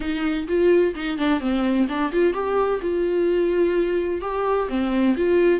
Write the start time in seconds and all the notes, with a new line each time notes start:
0.00 D#4
0.47 F4
0.95 D#4
1.17 D4
1.40 C4
1.88 D4
2.11 F4
2.33 G4
2.81 F4
4.21 G4
4.68 C4
5.16 F4